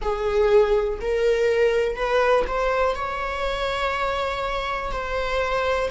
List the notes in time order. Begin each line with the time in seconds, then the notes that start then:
0.01 G#4
1.01 A#4
1.95 B4
2.47 C5
2.95 C#5
4.91 C5